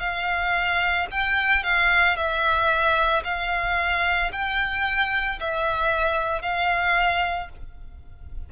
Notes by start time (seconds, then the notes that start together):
0.00 F5
1.12 G5
1.64 F5
2.17 E5
3.24 F5
4.33 G5
5.41 E5
6.42 F5